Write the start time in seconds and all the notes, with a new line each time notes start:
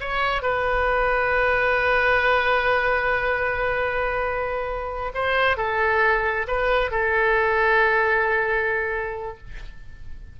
0.00 C#5
0.42 B4
5.14 C5
5.57 A4
6.47 B4
6.91 A4